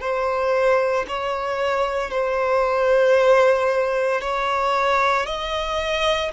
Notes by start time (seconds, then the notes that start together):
0.00 C5
1.08 C#5
2.11 C5
4.21 C#5
5.26 D#5